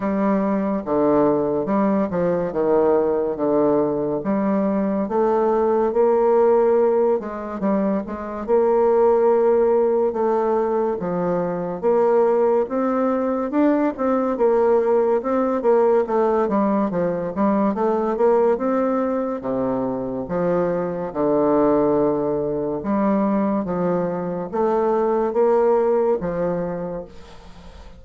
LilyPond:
\new Staff \with { instrumentName = "bassoon" } { \time 4/4 \tempo 4 = 71 g4 d4 g8 f8 dis4 | d4 g4 a4 ais4~ | ais8 gis8 g8 gis8 ais2 | a4 f4 ais4 c'4 |
d'8 c'8 ais4 c'8 ais8 a8 g8 | f8 g8 a8 ais8 c'4 c4 | f4 d2 g4 | f4 a4 ais4 f4 | }